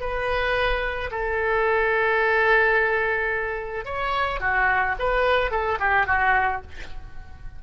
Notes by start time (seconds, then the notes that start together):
0.00 B4
1.11 A4
3.85 C#5
4.40 F#4
4.99 B4
5.51 A4
5.79 G4
6.07 F#4